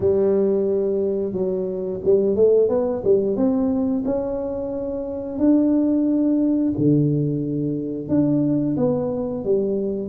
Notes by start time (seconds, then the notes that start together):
0.00 G3
1.32 F#3
2.04 G3
2.35 A3
2.68 B3
3.04 G3
3.36 C4
4.05 C#4
5.38 D4
6.77 D3
8.08 D4
8.76 B3
9.44 G3